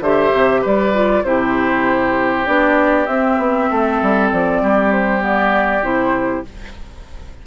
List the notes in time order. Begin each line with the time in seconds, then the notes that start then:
0.00 D3 G4 C5 E5
0.33 C3
0.61 G3 B4 D5
0.93 F4
1.23 C3 E4 G4 C5
2.45 B3 D4 D5
3.05 C4 E5
3.37 B3
3.70 A3 A4
4.01 G3
4.31 F3 D5
4.62 G3 G4
4.92 C5
5.19 B3 D5
5.82 C3 E4 C5